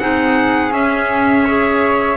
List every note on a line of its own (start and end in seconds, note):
0.00 0.72 C4
0.00 0.72 D#4
0.00 1.45 G#4
0.00 0.73 F#5
0.72 2.18 C#4
0.72 1.46 C#4
0.72 2.18 E5
1.45 2.18 G#4
1.45 2.18 C#5